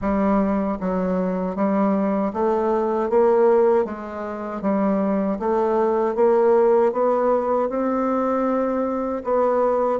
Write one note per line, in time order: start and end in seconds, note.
0.01 0.78 G3
0.80 1.55 F#3
1.55 2.32 G3
2.33 3.09 A3
3.09 3.84 A#3
3.84 4.61 G#3
4.62 5.38 G3
5.39 6.15 A3
6.15 6.92 A#3
6.92 7.69 B3
7.69 9.23 C4
9.23 9.99 B3